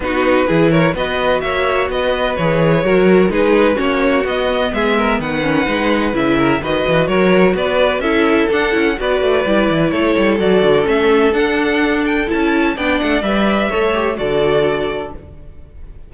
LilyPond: <<
  \new Staff \with { instrumentName = "violin" } { \time 4/4 \tempo 4 = 127 b'4. cis''8 dis''4 e''4 | dis''4 cis''2 b'4 | cis''4 dis''4 e''4 fis''4~ | fis''4 e''4 dis''4 cis''4 |
d''4 e''4 fis''4 d''4~ | d''4 cis''4 d''4 e''4 | fis''4. g''8 a''4 g''8 fis''8 | e''2 d''2 | }
  \new Staff \with { instrumentName = "violin" } { \time 4/4 fis'4 gis'8 ais'8 b'4 cis''4 | b'2 ais'4 gis'4 | fis'2 gis'8 ais'8 b'4~ | b'4. ais'8 b'4 ais'4 |
b'4 a'2 b'4~ | b'4 a'2.~ | a'2. d''4~ | d''4 cis''4 a'2 | }
  \new Staff \with { instrumentName = "viola" } { \time 4/4 dis'4 e'4 fis'2~ | fis'4 gis'4 fis'4 dis'4 | cis'4 b2~ b8 cis'8 | dis'4 e'4 fis'2~ |
fis'4 e'4 d'8 e'8 fis'4 | e'2 fis'4 cis'4 | d'2 e'4 d'4 | b'4 a'8 g'8 fis'2 | }
  \new Staff \with { instrumentName = "cello" } { \time 4/4 b4 e4 b4 ais4 | b4 e4 fis4 gis4 | ais4 b4 gis4 dis4 | gis4 cis4 dis8 e8 fis4 |
b4 cis'4 d'8 cis'8 b8 a8 | g8 e8 a8 g8 fis8 d8 a4 | d'2 cis'4 b8 a8 | g4 a4 d2 | }
>>